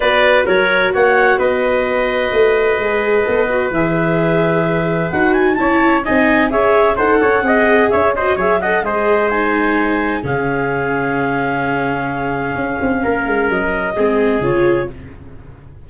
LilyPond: <<
  \new Staff \with { instrumentName = "clarinet" } { \time 4/4 \tempo 4 = 129 d''4 cis''4 fis''4 dis''4~ | dis''1 | e''2. fis''8 gis''8 | a''4 gis''4 e''4 fis''4~ |
fis''4 e''8 dis''8 e''8 fis''8 dis''4 | gis''2 f''2~ | f''1~ | f''4 dis''2 cis''4 | }
  \new Staff \with { instrumentName = "trumpet" } { \time 4/4 b'4 ais'4 cis''4 b'4~ | b'1~ | b'1 | cis''4 dis''4 cis''4 c''8 cis''8 |
dis''4 cis''8 c''8 cis''8 dis''8 c''4~ | c''2 gis'2~ | gis'1 | ais'2 gis'2 | }
  \new Staff \with { instrumentName = "viola" } { \time 4/4 fis'1~ | fis'2 gis'4 a'8 fis'8 | gis'2. fis'4 | e'4 dis'4 gis'4 a'4 |
gis'4. fis'8 gis'8 a'8 gis'4 | dis'2 cis'2~ | cis'1~ | cis'2 c'4 f'4 | }
  \new Staff \with { instrumentName = "tuba" } { \time 4/4 b4 fis4 ais4 b4~ | b4 a4 gis4 b4 | e2. dis'4 | cis'4 c'4 cis'4 dis'8 cis'8 |
c'4 cis'4 fis4 gis4~ | gis2 cis2~ | cis2. cis'8 c'8 | ais8 gis8 fis4 gis4 cis4 | }
>>